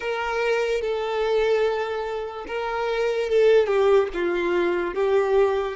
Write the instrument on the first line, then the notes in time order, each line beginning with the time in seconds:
violin
0.00 A#4
0.81 A4
2.47 A#4
3.29 A4
3.67 G4
4.13 F4
4.94 G4